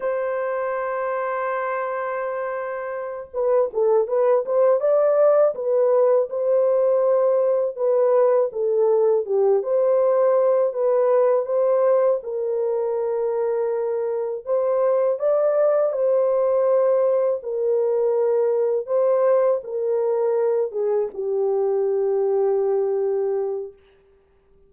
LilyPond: \new Staff \with { instrumentName = "horn" } { \time 4/4 \tempo 4 = 81 c''1~ | c''8 b'8 a'8 b'8 c''8 d''4 b'8~ | b'8 c''2 b'4 a'8~ | a'8 g'8 c''4. b'4 c''8~ |
c''8 ais'2. c''8~ | c''8 d''4 c''2 ais'8~ | ais'4. c''4 ais'4. | gis'8 g'2.~ g'8 | }